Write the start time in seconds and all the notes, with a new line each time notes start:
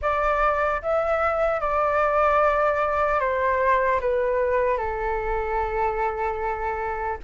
0.01 D5
0.81 E5
1.60 D5
3.20 C5
4.00 B4
4.77 A4